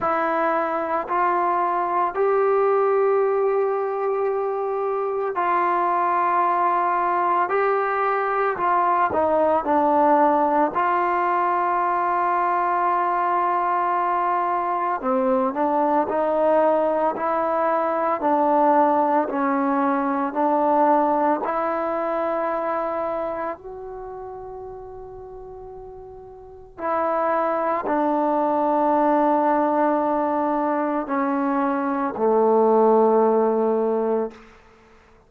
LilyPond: \new Staff \with { instrumentName = "trombone" } { \time 4/4 \tempo 4 = 56 e'4 f'4 g'2~ | g'4 f'2 g'4 | f'8 dis'8 d'4 f'2~ | f'2 c'8 d'8 dis'4 |
e'4 d'4 cis'4 d'4 | e'2 fis'2~ | fis'4 e'4 d'2~ | d'4 cis'4 a2 | }